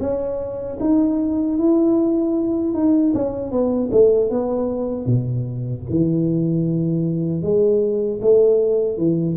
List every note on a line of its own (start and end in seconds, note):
0.00 0.78 C#4
0.80 1.58 D#4
1.58 2.74 E4
2.74 3.13 D#4
3.14 3.51 C#4
3.51 3.90 B3
3.91 4.30 A3
4.30 5.06 B3
5.06 5.84 B2
5.89 7.42 E3
7.42 8.20 G#3
8.21 8.97 A3
8.97 9.36 E3